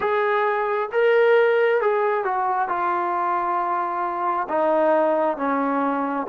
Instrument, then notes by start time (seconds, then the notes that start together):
trombone
0.00 G#4
0.92 A#4
1.81 G#4
2.24 F#4
2.68 F4
4.49 D#4
5.37 C#4